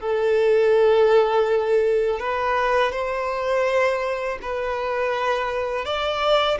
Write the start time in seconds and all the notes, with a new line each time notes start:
0.00 A4
2.19 B4
2.92 C5
4.42 B4
5.85 D5